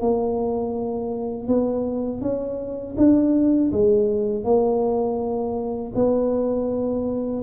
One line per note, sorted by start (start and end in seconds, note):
0.00 1.47 A#3
1.47 2.21 B3
2.21 2.95 C#4
2.97 3.71 D4
3.72 4.44 G#3
4.44 5.92 A#3
5.95 7.42 B3